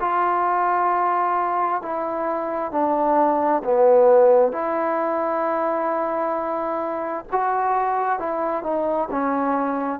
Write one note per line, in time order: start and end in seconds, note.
0.00 1.82 F4
1.82 2.71 E4
2.71 3.62 D4
3.64 4.52 B3
4.52 7.25 E4
7.32 8.19 F#4
8.19 8.64 E4
8.64 9.09 D#4
9.11 10.00 C#4